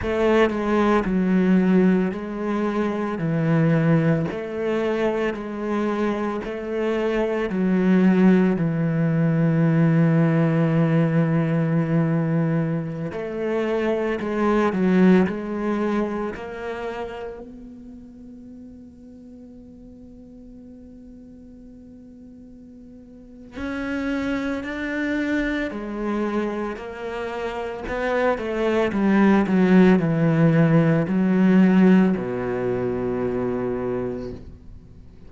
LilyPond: \new Staff \with { instrumentName = "cello" } { \time 4/4 \tempo 4 = 56 a8 gis8 fis4 gis4 e4 | a4 gis4 a4 fis4 | e1~ | e16 a4 gis8 fis8 gis4 ais8.~ |
ais16 b2.~ b8.~ | b2 cis'4 d'4 | gis4 ais4 b8 a8 g8 fis8 | e4 fis4 b,2 | }